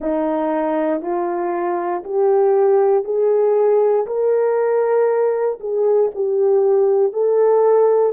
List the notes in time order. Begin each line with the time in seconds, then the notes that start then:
0.00 D#4
1.01 F4
2.03 G4
3.04 G#4
4.06 A#4
5.60 G#4
6.14 G4
7.12 A4